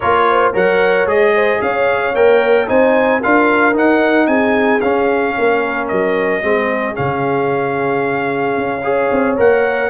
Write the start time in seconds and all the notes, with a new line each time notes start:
0.00 A#3 F4 A#4 C#5
0.30 C5
0.52 F#3 A#4 C#5 F#5
1.06 G#3 G#4 D#5
1.34 C5
1.61 C#4 C#5 F5
2.14 A#3 A#4 G5
2.67 C4 D#4 C5 G#5
3.20 D4 F4 A#4 F5
3.73 D#4 F#5
4.26 C4 G#4 G#5
4.80 C#4 F5
5.37 A#3 A#4
5.88 F#3 D#5
6.42 G#3 C4 G#4
6.94 C#3 C#4 F5
8.56 C#4
8.83 G#4 C#5
9.11 C4
9.37 A#3 A#4 F#5